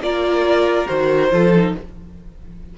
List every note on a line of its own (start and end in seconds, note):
0.00 0.86 A#3
0.00 0.87 F4
0.00 1.32 A#4
0.00 0.87 D5
0.87 1.32 D#3
0.87 1.30 F#4
0.87 1.73 C5
1.31 1.74 F3
1.31 1.52 F4
1.31 1.75 A4
1.56 1.78 D#4